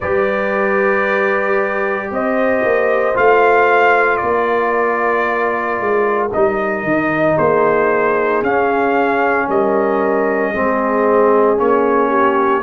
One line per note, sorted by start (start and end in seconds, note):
0.00 2.10 G3
0.00 3.14 G4
0.00 2.09 B4
0.00 2.11 D5
2.10 2.63 C4
2.10 4.22 C5
2.10 3.16 D#5
2.63 3.16 A#3
3.14 4.22 A3
3.14 6.29 F4
3.14 4.16 F5
4.16 5.79 A#3
4.16 6.27 D5
4.22 7.35 A#4
5.79 6.32 G#3
6.32 6.83 G3
6.32 8.44 D#4
6.32 7.37 D#5
6.83 7.35 D#3
7.35 8.41 A#3
7.35 9.46 G#4
7.35 8.43 C5
8.41 9.47 C#4
8.41 10.54 C#4
8.41 9.49 F5
9.48 10.53 G3
9.48 10.51 A#4
9.48 11.59 D#5
10.51 11.59 G#3
10.51 11.56 C4
10.51 12.09 G#4
11.56 12.62 A#3
11.56 12.61 C#4
11.56 12.62 C#5
12.09 12.62 G4